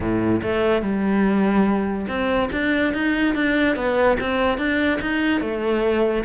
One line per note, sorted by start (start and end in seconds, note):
0.00 0.41 A2
0.42 0.81 A3
0.81 2.06 G3
2.08 2.49 C4
2.52 2.93 D4
2.93 3.34 D#4
3.34 3.75 D4
3.75 4.17 B3
4.20 4.57 C4
4.57 4.99 D4
5.01 5.41 D#4
5.41 6.24 A3